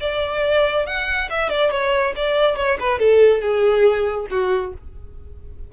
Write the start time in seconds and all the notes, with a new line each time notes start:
0.00 D5
0.86 F#5
1.30 E5
1.49 D5
1.70 C#5
2.15 D5
2.56 C#5
2.79 B4
2.99 A4
3.41 G#4
4.30 F#4